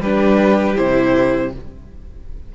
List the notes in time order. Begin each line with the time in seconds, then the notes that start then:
0.00 G3 D4 G4 B4
0.76 C3 E4 C5